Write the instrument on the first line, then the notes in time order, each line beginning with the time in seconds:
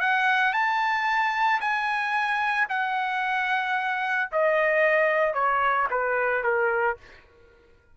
trumpet
0.00 F#5
0.53 A5
1.60 G#5
2.69 F#5
4.31 D#5
5.34 C#5
5.91 B4
6.44 A#4